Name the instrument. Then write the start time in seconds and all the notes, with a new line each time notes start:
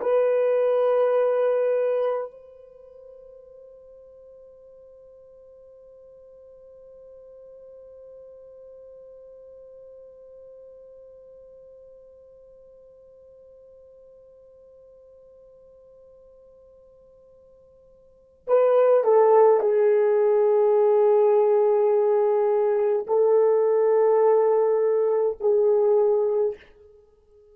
horn
0.00 B4
2.30 C5
18.47 B4
19.03 A4
19.60 G#4
23.07 A4
25.40 G#4